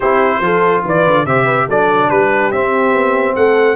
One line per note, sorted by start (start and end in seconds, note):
0.00 0.39 C4
0.00 0.42 E4
0.00 0.41 G4
0.00 0.84 C5
0.39 0.81 F3
0.39 1.26 F4
0.39 0.84 A4
0.84 1.06 E3
0.84 1.26 B4
0.84 1.26 D5
1.06 1.25 D3
1.25 1.67 C3
1.25 1.69 G4
1.25 1.45 C5
1.25 1.68 E5
1.45 1.66 B4
1.68 2.10 F#3
1.68 2.53 D4
1.68 2.10 A4
1.68 2.10 D5
2.10 2.52 G3
2.10 3.36 G4
2.10 2.51 B4
2.51 2.92 C4
2.51 3.75 C4
2.51 3.35 E5
2.92 3.34 B3
3.35 3.75 A3
3.35 3.75 A4
3.35 3.75 F#5